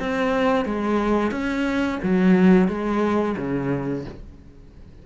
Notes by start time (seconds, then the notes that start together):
0.00 C4
0.66 G#3
1.32 C#4
2.03 F#3
2.68 G#3
3.38 C#3